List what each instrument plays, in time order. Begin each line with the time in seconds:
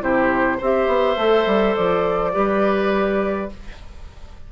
0.00 bassoon C3, clarinet E4, oboe G4, flute C5
0.57 bassoon C4, clarinet G4, oboe C5, flute E5
0.87 bassoon B3
1.16 bassoon A3, clarinet A4
1.46 bassoon G3
1.75 bassoon F3, flute D5
2.32 bassoon G3, clarinet G4, oboe B4